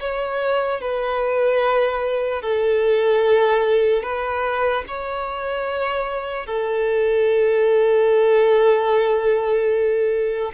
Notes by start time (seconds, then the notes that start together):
0.00 C#5
0.81 B4
2.42 A4
4.03 B4
4.88 C#5
6.46 A4